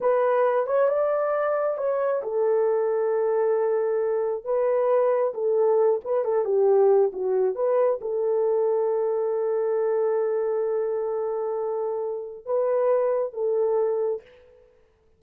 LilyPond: \new Staff \with { instrumentName = "horn" } { \time 4/4 \tempo 4 = 135 b'4. cis''8 d''2 | cis''4 a'2.~ | a'2 b'2 | a'4. b'8 a'8 g'4. |
fis'4 b'4 a'2~ | a'1~ | a'1 | b'2 a'2 | }